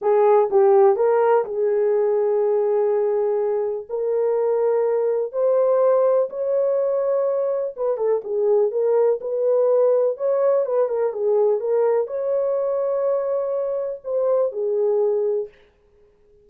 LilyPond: \new Staff \with { instrumentName = "horn" } { \time 4/4 \tempo 4 = 124 gis'4 g'4 ais'4 gis'4~ | gis'1 | ais'2. c''4~ | c''4 cis''2. |
b'8 a'8 gis'4 ais'4 b'4~ | b'4 cis''4 b'8 ais'8 gis'4 | ais'4 cis''2.~ | cis''4 c''4 gis'2 | }